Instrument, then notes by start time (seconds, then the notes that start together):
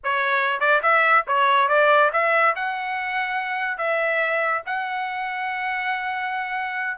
trumpet
0.03 C#5
0.60 D5
0.82 E5
1.27 C#5
1.68 D5
2.12 E5
2.55 F#5
3.77 E5
4.65 F#5